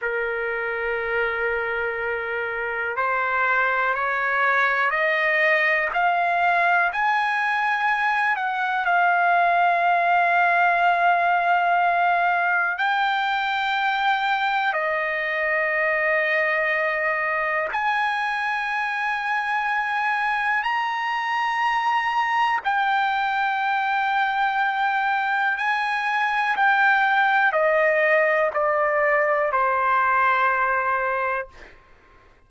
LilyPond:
\new Staff \with { instrumentName = "trumpet" } { \time 4/4 \tempo 4 = 61 ais'2. c''4 | cis''4 dis''4 f''4 gis''4~ | gis''8 fis''8 f''2.~ | f''4 g''2 dis''4~ |
dis''2 gis''2~ | gis''4 ais''2 g''4~ | g''2 gis''4 g''4 | dis''4 d''4 c''2 | }